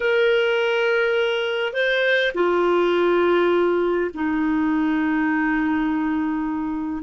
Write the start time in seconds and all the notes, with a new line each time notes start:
0.00 A#4
1.73 C5
2.34 F4
4.13 D#4